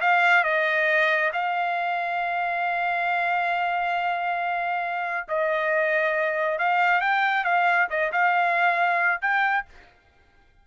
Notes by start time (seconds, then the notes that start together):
0.00 F5
0.44 D#5
1.32 F5
5.28 D#5
6.58 F5
7.01 G5
7.44 F5
7.90 D#5
8.12 F5
9.21 G5